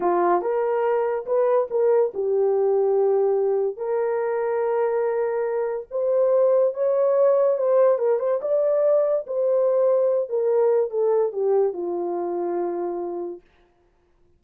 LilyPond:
\new Staff \with { instrumentName = "horn" } { \time 4/4 \tempo 4 = 143 f'4 ais'2 b'4 | ais'4 g'2.~ | g'4 ais'2.~ | ais'2 c''2 |
cis''2 c''4 ais'8 c''8 | d''2 c''2~ | c''8 ais'4. a'4 g'4 | f'1 | }